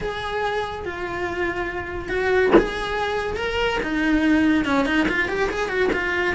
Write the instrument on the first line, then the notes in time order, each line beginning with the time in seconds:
cello
0.00 G#4
0.85 F4
2.08 F#4
2.58 G#4
3.36 A#4
3.82 D#4
4.64 C#4
4.85 D#4
5.08 F4
5.28 G4
5.50 G#4
5.69 F#4
5.92 F4